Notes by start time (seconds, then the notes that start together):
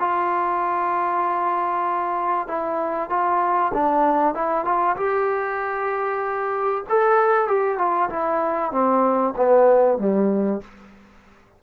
0.00 F4
2.48 E4
3.10 F4
3.74 D4
4.35 E4
4.65 F4
4.97 G4
6.90 A4
7.48 G4
7.78 F4
8.10 E4
8.72 C4
9.37 B3
9.99 G3